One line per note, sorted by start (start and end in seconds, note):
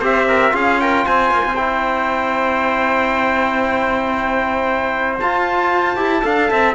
0.00 0.53 C4
0.00 0.52 G4
0.00 0.26 C5
0.00 0.56 E5
0.28 0.54 A#4
0.52 1.06 C#4
0.52 1.55 F4
0.52 0.81 G#4
0.52 0.81 F5
0.81 1.05 A#4
0.81 1.07 G5
1.05 1.32 C4
1.05 6.22 C5
1.05 1.56 G#5
1.32 1.45 A#3
1.45 5.20 C4
1.56 5.20 E4
1.56 5.18 G5
5.20 5.97 F4
5.20 6.75 A5
5.97 6.23 E4
5.97 6.22 G4
6.22 6.51 D4
6.22 6.74 A4
6.22 6.51 F5
6.51 6.75 C4
6.51 6.75 E5